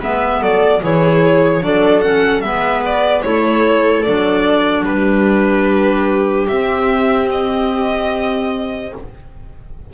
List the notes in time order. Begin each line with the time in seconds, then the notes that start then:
0.00 G#3 B3 B4 E5
0.41 F#3 A4 D5
0.82 E3 E4 G#4 C#5
1.61 F#3 D4 A4 D5
2.02 C#4 F#5
2.41 G#3 B3 B4 E5
2.86 D5
3.23 A3 E4 A4 C#5
4.03 F#3 D4 D5
4.85 G3 G4 B4
6.48 C4 E5
7.31 D#5